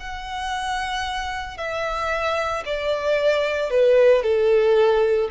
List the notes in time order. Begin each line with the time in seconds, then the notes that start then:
0.00 F#5
1.58 E5
2.66 D5
3.70 B4
4.23 A4